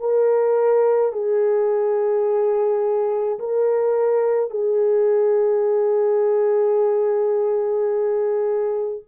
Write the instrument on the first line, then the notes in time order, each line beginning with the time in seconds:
horn
0.00 A#4
1.12 G#4
3.39 A#4
4.50 G#4